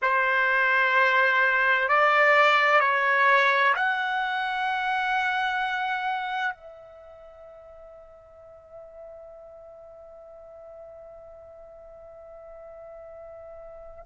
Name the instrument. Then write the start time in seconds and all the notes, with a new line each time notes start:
trumpet
0.02 C5
1.88 D5
2.80 C#5
3.75 F#5
6.54 E5